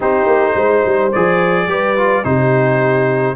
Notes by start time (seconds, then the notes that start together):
0.00 C4 D#4 G4 C5
0.26 A#3
0.55 G#3 C5
0.85 G3
1.12 F3 G#4 D5
1.67 G3 G4 B4
1.97 F4
2.23 C3 D#4 G4 C5